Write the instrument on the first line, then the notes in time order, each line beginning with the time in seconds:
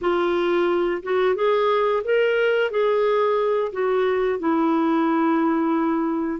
clarinet
0.01 F4
1.02 F#4
1.35 G#4
2.03 A#4
2.70 G#4
3.72 F#4
4.39 E4